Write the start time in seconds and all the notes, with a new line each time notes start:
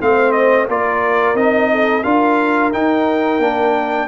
0.00 A3 C4 C5 F5
0.31 D#5
0.68 A#3 F4 A#4 D5
1.34 C4 D#4 D#5
1.71 A4
2.03 D4 F4 A#4 F5
2.72 D#4 G5
3.39 A#3 D4